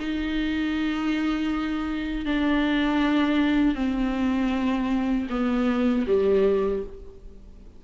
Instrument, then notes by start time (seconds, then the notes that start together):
viola
0.00 D#4
2.26 D4
3.76 C4
5.30 B3
6.07 G3